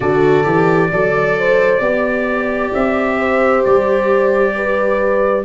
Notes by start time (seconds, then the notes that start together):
0.00 D3 F#4 A4 D5
0.43 E3 G4
0.91 F#3 A4 D5
1.38 C5
1.80 B3 G4 D5
2.73 C4 E5
3.18 C5
3.64 G3 D5
4.55 B4